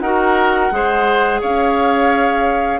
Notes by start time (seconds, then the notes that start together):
0.00 D#4 F#4 A#4 F#5
0.71 G#3 G#4 C5
1.41 C#4 C#5 F5